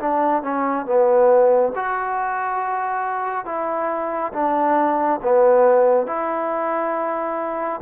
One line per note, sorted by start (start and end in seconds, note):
0.00 0.43 D4
0.43 0.86 C#4
0.86 1.73 B3
1.75 3.46 F#4
3.46 4.33 E4
4.33 5.20 D4
5.23 6.07 B3
6.07 7.81 E4